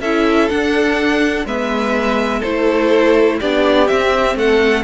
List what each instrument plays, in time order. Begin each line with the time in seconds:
0.00 cello C#4, viola E4, violin A4 E5
0.49 viola D4, cello D4, violin F#5
1.45 cello G#3, viola B3, violin B4 E5
2.40 cello A3, viola E4, violin A4 C5
3.40 cello B3, viola D4, violin G4 D5
3.87 viola C4, cello C4, violin E5
4.35 cello A3, violin A4 F#5